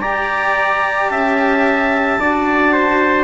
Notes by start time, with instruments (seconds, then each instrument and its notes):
0.00 cello G4, bassoon G4, trumpet D5, clarinet A#5
1.09 bassoon C#4, trumpet E5, clarinet A5
2.19 bassoon D4, cello F#4, trumpet D5
2.73 trumpet C5